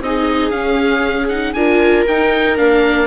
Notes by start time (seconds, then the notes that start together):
0.00 C4 D#4 G#4 D#5
0.50 C#4 F5
1.28 D#4 F#5
1.53 D4 F4 A#4 G#5
2.07 D#4 G5
2.57 A#3 D4 F5